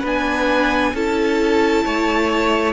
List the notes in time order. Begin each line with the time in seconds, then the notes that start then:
0.00 B3 D4 B4
0.06 G#5
0.94 C#4 E4 A4 A5
1.85 A3 C#5